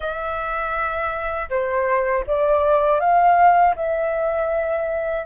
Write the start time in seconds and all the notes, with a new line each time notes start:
0.00 E5
1.49 C5
2.26 D5
3.00 F5
3.76 E5